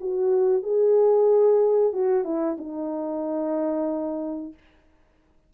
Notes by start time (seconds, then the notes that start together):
0.00 F#4
0.62 G#4
1.92 F#4
2.24 E4
2.57 D#4